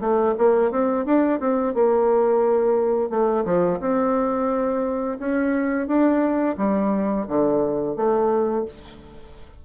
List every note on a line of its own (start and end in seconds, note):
0.00 0.34 A3
0.37 0.71 A#3
0.71 1.05 C4
1.05 1.39 D4
1.39 1.74 C4
1.74 3.10 A#3
3.10 3.44 A3
3.45 3.79 F3
3.80 5.18 C4
5.18 5.87 C#4
5.87 6.56 D4
6.57 7.26 G3
7.27 7.96 D3
7.96 8.65 A3